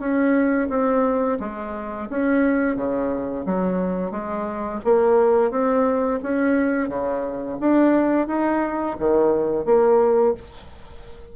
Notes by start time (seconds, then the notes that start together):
0.00 C#4
0.70 C4
1.40 G#3
2.10 C#4
2.76 C#3
3.46 F#3
4.12 G#3
4.85 A#3
5.51 C4
6.23 C#4
6.89 C#3
7.61 D4
8.28 D#4
8.99 D#3
9.66 A#3